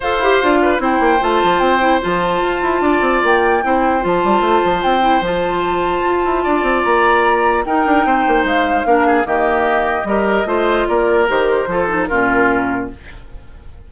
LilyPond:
<<
  \new Staff \with { instrumentName = "flute" } { \time 4/4 \tempo 4 = 149 f''2 g''4 a''4 | g''4 a''2. | g''2 a''2 | g''4 a''2.~ |
a''4 ais''2 g''4~ | g''4 f''2 dis''4~ | dis''2. d''4 | c''2 ais'2 | }
  \new Staff \with { instrumentName = "oboe" } { \time 4/4 c''4. b'8 c''2~ | c''2. d''4~ | d''4 c''2.~ | c''1 |
d''2. ais'4 | c''2 ais'8 gis'8 g'4~ | g'4 ais'4 c''4 ais'4~ | ais'4 a'4 f'2 | }
  \new Staff \with { instrumentName = "clarinet" } { \time 4/4 a'8 g'8 f'4 e'4 f'4~ | f'8 e'8 f'2.~ | f'4 e'4 f'2~ | f'8 e'8 f'2.~ |
f'2. dis'4~ | dis'2 d'4 ais4~ | ais4 g'4 f'2 | g'4 f'8 dis'8 cis'2 | }
  \new Staff \with { instrumentName = "bassoon" } { \time 4/4 f'8 e'8 d'4 c'8 ais8 a8 f8 | c'4 f4 f'8 e'8 d'8 c'8 | ais4 c'4 f8 g8 a8 f8 | c'4 f2 f'8 e'8 |
d'8 c'8 ais2 dis'8 d'8 | c'8 ais8 gis4 ais4 dis4~ | dis4 g4 a4 ais4 | dis4 f4 ais,2 | }
>>